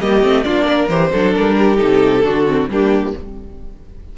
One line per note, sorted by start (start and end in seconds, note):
0.00 0.23 G3
0.00 0.22 A#3
0.00 0.45 G4
0.00 0.43 D#5
0.22 0.45 A3
0.22 0.44 C4
0.43 0.88 A#3
0.43 0.89 D4
0.43 0.65 F4
0.43 0.88 D5
0.65 1.09 A#4
0.88 1.11 E3
0.88 1.12 G4
0.88 1.33 C5
1.11 1.36 F#3
1.11 1.76 D4
1.11 1.56 A4
1.35 1.81 G3
1.35 1.77 A#4
1.58 2.25 G4
1.76 2.24 C3
1.76 2.21 D#4
1.76 2.67 A4
2.24 2.68 D3
2.24 2.46 D4
2.24 2.69 F#4
2.47 2.70 C4
2.68 3.13 G3
2.68 3.17 A#3
2.68 3.15 D4
2.68 3.17 G4